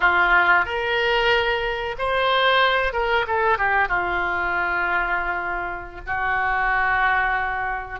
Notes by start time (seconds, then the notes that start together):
0.00 F4
0.65 A#4
1.98 C5
2.93 A#4
3.27 A4
3.58 G4
3.88 F4
6.06 F#4